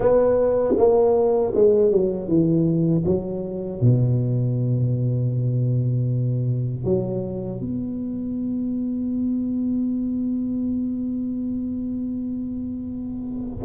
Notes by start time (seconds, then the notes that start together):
0.00 B3
0.77 A#3
1.54 G#3
1.91 F#3
2.28 E3
3.05 F#3
3.80 B2
6.84 F#3
7.60 B3